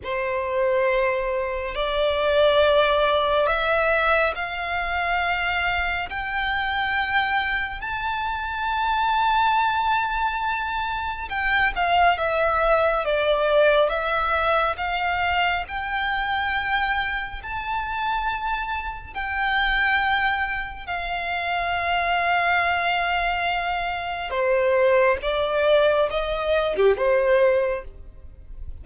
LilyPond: \new Staff \with { instrumentName = "violin" } { \time 4/4 \tempo 4 = 69 c''2 d''2 | e''4 f''2 g''4~ | g''4 a''2.~ | a''4 g''8 f''8 e''4 d''4 |
e''4 f''4 g''2 | a''2 g''2 | f''1 | c''4 d''4 dis''8. g'16 c''4 | }